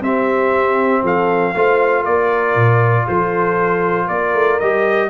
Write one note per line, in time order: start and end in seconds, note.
0.00 1.02 C4
0.00 1.54 C4
0.00 1.02 G4
0.00 1.04 E5
1.02 1.53 F3
1.02 1.53 A4
1.02 2.05 F5
1.54 2.04 A3
1.54 4.60 F4
1.54 2.01 C5
2.01 2.55 A#3
2.01 3.03 A#4
2.01 3.06 D5
2.55 3.06 A#2
3.07 4.08 F3
3.07 4.06 A4
3.07 4.08 C5
4.06 4.34 A#3
4.06 5.08 A#4
4.06 4.59 D5
4.34 4.59 A3
4.59 5.09 G3
4.59 5.09 G4
4.59 5.09 D#5